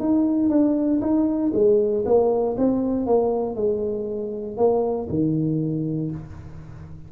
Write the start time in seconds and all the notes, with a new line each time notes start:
0.00 D#4
0.50 D4
1.01 D#4
1.54 G#3
2.05 A#3
2.58 C4
3.07 A#3
3.56 G#3
4.57 A#3
5.10 D#3